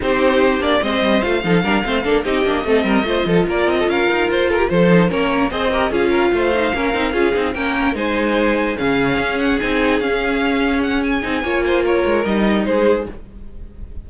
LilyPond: <<
  \new Staff \with { instrumentName = "violin" } { \time 4/4 \tempo 4 = 147 c''4. d''8 dis''4 f''4~ | f''4. dis''2~ dis''8~ | dis''8 d''8 dis''8 f''4 c''8 ais'8 c''8~ | c''8 ais'4 dis''4 f''4.~ |
f''2~ f''8 g''4 gis''8~ | gis''4. f''4. fis''8 gis''8~ | gis''8 f''2 fis''8 gis''4~ | gis''4 cis''4 dis''4 c''4 | }
  \new Staff \with { instrumentName = "violin" } { \time 4/4 g'2 c''4. a'8 | ais'8 c''8 a'8 g'4 a'8 ais'8 c''8 | a'8 ais'8. a'16 ais'4. a'16 g'16 a'8~ | a'8 cis''4 c''8 ais'8 gis'8 ais'8 c''8~ |
c''8 ais'4 gis'4 ais'4 c''8~ | c''4. gis'2~ gis'8~ | gis'1 | cis''8 c''8 ais'2 gis'4 | }
  \new Staff \with { instrumentName = "viola" } { \time 4/4 dis'4. d'8 c'4 f'8 dis'8 | d'8 c'8 d'8 dis'8 d'8 c'4 f'8~ | f'1 | dis'8 cis'4 gis'8 g'8 f'4. |
dis'8 cis'8 dis'8 f'8 dis'8 cis'4 dis'8~ | dis'4. cis'2 dis'8~ | dis'8 cis'2. dis'8 | f'2 dis'2 | }
  \new Staff \with { instrumentName = "cello" } { \time 4/4 c'4. ais8 gis8 g8 a8 f8 | g8 a8 ais8 c'8 ais8 a8 g8 a8 | f8 ais8 c'8 cis'8 dis'8 f'4 f8~ | f8 ais4 c'4 cis'4 a8~ |
a8 ais8 c'8 cis'8 c'8 ais4 gis8~ | gis4. cis4 cis'4 c'8~ | c'8 cis'2. c'8 | ais4. gis8 g4 gis4 | }
>>